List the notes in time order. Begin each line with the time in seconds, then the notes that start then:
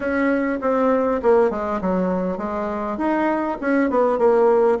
0.00 C#4
0.61 C4
1.22 A#3
1.50 G#3
1.81 F#3
2.37 G#3
2.97 D#4
3.60 C#4
3.89 B3
4.18 A#3